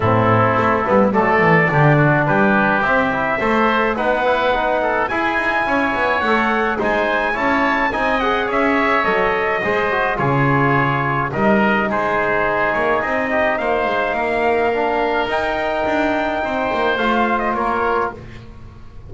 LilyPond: <<
  \new Staff \with { instrumentName = "trumpet" } { \time 4/4 \tempo 4 = 106 a'2 d''2 | b'4 e''2 fis''4~ | fis''4 gis''2 fis''4 | gis''4 a''4 gis''8 fis''8 e''4 |
dis''2 cis''2 | dis''4 c''4. cis''8 dis''4 | f''2. g''4~ | g''2 f''8. dis''16 cis''4 | }
  \new Staff \with { instrumentName = "oboe" } { \time 4/4 e'2 a'4 g'8 fis'8 | g'2 c''4 b'4~ | b'8 a'8 gis'4 cis''2 | c''4 cis''4 dis''4 cis''4~ |
cis''4 c''4 gis'2 | ais'4 gis'2~ gis'8 g'8 | c''4 ais'2.~ | ais'4 c''2 ais'4 | }
  \new Staff \with { instrumentName = "trombone" } { \time 4/4 c'4. b8 a4 d'4~ | d'4 c'8 e'8 a'4 dis'8 e'8 | dis'4 e'2 a'4 | dis'4 e'4 dis'8 gis'4. |
a'4 gis'8 fis'8 f'2 | dis'1~ | dis'2 d'4 dis'4~ | dis'2 f'2 | }
  \new Staff \with { instrumentName = "double bass" } { \time 4/4 a,4 a8 g8 fis8 e8 d4 | g4 c'4 a4 b4~ | b4 e'8 dis'8 cis'8 b8 a4 | gis4 cis'4 c'4 cis'4 |
fis4 gis4 cis2 | g4 gis4. ais8 c'4 | ais8 gis8 ais2 dis'4 | d'4 c'8 ais8 a4 ais4 | }
>>